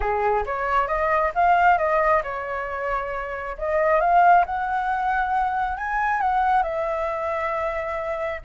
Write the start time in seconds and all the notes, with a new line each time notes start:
0.00 G#4
0.46 C#5
0.87 D#5
1.35 F5
1.78 D#5
2.23 C#5
3.58 D#5
4.00 F5
4.45 F#5
5.77 G#5
6.20 F#5
6.63 E5